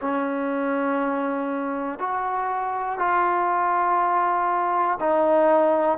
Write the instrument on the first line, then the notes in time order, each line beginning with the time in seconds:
trombone
0.00 C#4
1.99 F#4
2.99 F4
5.00 D#4